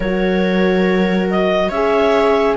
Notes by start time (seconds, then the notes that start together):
0.00 F#3 F#4 A#4 C#5
1.30 D#5
1.68 C#4 G#4 C#5 E5